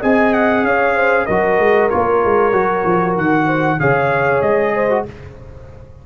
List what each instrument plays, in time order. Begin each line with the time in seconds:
0.00 tuba C4, trombone G#4, horn D#5, trumpet G#5
0.33 trumpet F#5
0.63 tuba C#4, horn C#5, trumpet F5
0.95 horn C5
1.25 tuba F#3, trombone F#4, horn A#4, trumpet D#5
1.59 tuba G#3
1.89 tuba A#3, trombone F4, trumpet C#5
2.25 tuba G#3
2.52 tuba F#3, trombone F#4
2.85 tuba F3
3.16 tuba D#3, trumpet F#5
3.45 horn C5
3.79 tuba C#3, trombone G#4, horn C#5, trumpet F5
4.41 tuba G#3, trumpet D#5
4.74 horn C5
4.90 trombone F#4